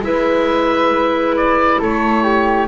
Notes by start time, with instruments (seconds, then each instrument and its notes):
0.00 double bass G#3, clarinet E4, flute B4, oboe E5
1.37 oboe D5
1.79 double bass A3, flute A4, oboe C#5
2.23 flute G4